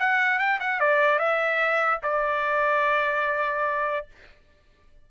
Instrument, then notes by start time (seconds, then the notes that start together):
trumpet
0.00 F#5
0.39 G5
0.60 F#5
0.80 D5
1.19 E5
2.03 D5